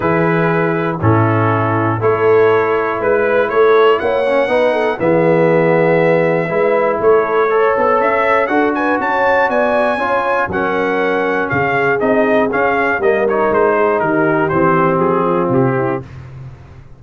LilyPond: <<
  \new Staff \with { instrumentName = "trumpet" } { \time 4/4 \tempo 4 = 120 b'2 a'2 | cis''2 b'4 cis''4 | fis''2 e''2~ | e''2 cis''4. a'8 |
e''4 fis''8 gis''8 a''4 gis''4~ | gis''4 fis''2 f''4 | dis''4 f''4 dis''8 cis''8 c''4 | ais'4 c''4 gis'4 g'4 | }
  \new Staff \with { instrumentName = "horn" } { \time 4/4 gis'2 e'2 | a'2 b'4 a'4 | cis''4 b'8 a'8 gis'2~ | gis'4 b'4 a'4 cis''4~ |
cis''4 a'8 b'8 cis''4 d''4 | cis''4 ais'2 gis'4~ | gis'2 ais'4. gis'8 | g'2~ g'8 f'4 e'8 | }
  \new Staff \with { instrumentName = "trombone" } { \time 4/4 e'2 cis'2 | e'1~ | e'8 cis'8 dis'4 b2~ | b4 e'2 a'4~ |
a'4 fis'2. | f'4 cis'2. | dis'4 cis'4 ais8 dis'4.~ | dis'4 c'2. | }
  \new Staff \with { instrumentName = "tuba" } { \time 4/4 e2 a,2 | a2 gis4 a4 | ais4 b4 e2~ | e4 gis4 a4. b8 |
cis'4 d'4 cis'4 b4 | cis'4 fis2 cis4 | c'4 cis'4 g4 gis4 | dis4 e4 f4 c4 | }
>>